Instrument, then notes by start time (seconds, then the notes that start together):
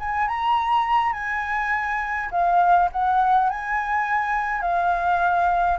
flute
0.00 G#5
0.28 A#5
1.13 G#5
2.31 F5
2.92 F#5
3.50 G#5
4.62 F5